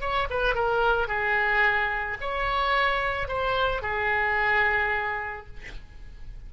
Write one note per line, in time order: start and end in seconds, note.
0.00 0.28 C#5
0.30 0.55 B4
0.55 1.08 A#4
1.08 2.18 G#4
2.21 3.28 C#5
3.28 3.82 C5
3.82 5.47 G#4